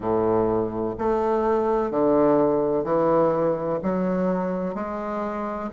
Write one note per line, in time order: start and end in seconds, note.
0.00 0.95 A2
0.98 1.90 A3
1.90 2.84 D3
2.84 3.79 E3
3.82 4.74 F#3
4.74 5.70 G#3